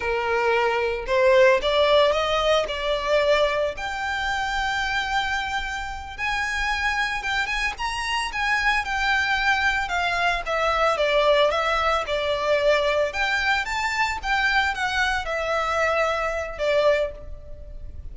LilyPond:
\new Staff \with { instrumentName = "violin" } { \time 4/4 \tempo 4 = 112 ais'2 c''4 d''4 | dis''4 d''2 g''4~ | g''2.~ g''8 gis''8~ | gis''4. g''8 gis''8 ais''4 gis''8~ |
gis''8 g''2 f''4 e''8~ | e''8 d''4 e''4 d''4.~ | d''8 g''4 a''4 g''4 fis''8~ | fis''8 e''2~ e''8 d''4 | }